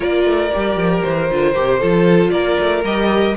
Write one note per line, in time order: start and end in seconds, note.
0.00 0.25 A#3
0.00 0.50 F4
0.00 1.79 A#4
0.00 1.02 D5
0.25 0.50 A3
0.52 0.76 G3
0.52 1.30 G4
0.76 1.02 F3
1.02 1.30 E3
1.02 2.30 C5
1.30 1.56 D3
1.30 1.54 F4
1.54 1.82 C3
1.54 1.80 G4
1.79 2.31 F3
1.79 2.84 F4
1.79 2.30 A4
2.30 2.57 A#3
2.30 3.36 A#4
2.30 2.81 D5
2.59 2.83 A3
2.83 3.35 G3
2.83 3.36 G4
2.83 3.36 D#5